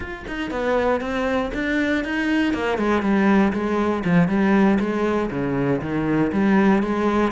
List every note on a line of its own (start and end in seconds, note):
0.00 0.25 F4
0.27 0.50 D#4
0.50 1.00 B3
1.00 1.51 C4
1.54 2.04 D4
2.04 2.53 D#4
2.53 2.78 A#3
2.78 3.02 G#3
3.02 3.52 G3
3.52 4.03 G#3
4.04 4.28 F3
4.28 4.78 G3
4.79 5.29 G#3
5.30 5.81 C#3
5.81 6.31 D#3
6.32 6.82 G3
6.82 7.31 G#3